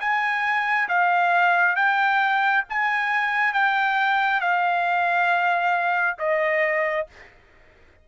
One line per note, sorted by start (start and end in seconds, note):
0.00 0.88 G#5
0.88 1.75 F5
1.75 2.64 G5
2.69 3.53 G#5
3.53 4.40 G5
4.40 6.17 F5
6.18 7.07 D#5